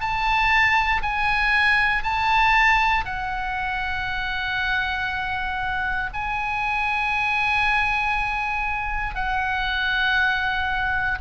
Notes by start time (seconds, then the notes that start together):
0.00 A5
1.02 G#5
2.02 A5
3.05 F#5
6.13 G#5
9.15 F#5